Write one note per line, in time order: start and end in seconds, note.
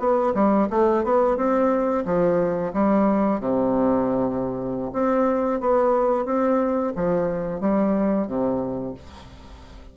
0.00 0.34 B3
0.35 0.69 G3
0.70 1.04 A3
1.04 1.37 B3
1.37 2.05 C4
2.05 2.73 F3
2.73 3.40 G3
3.40 4.92 C3
4.93 5.60 C4
5.60 6.26 B3
6.26 6.93 C4
6.96 7.61 F3
7.61 8.27 G3
8.27 8.95 C3